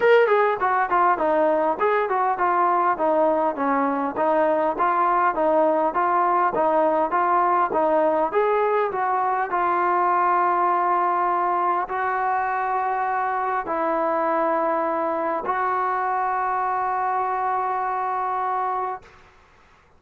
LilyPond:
\new Staff \with { instrumentName = "trombone" } { \time 4/4 \tempo 4 = 101 ais'8 gis'8 fis'8 f'8 dis'4 gis'8 fis'8 | f'4 dis'4 cis'4 dis'4 | f'4 dis'4 f'4 dis'4 | f'4 dis'4 gis'4 fis'4 |
f'1 | fis'2. e'4~ | e'2 fis'2~ | fis'1 | }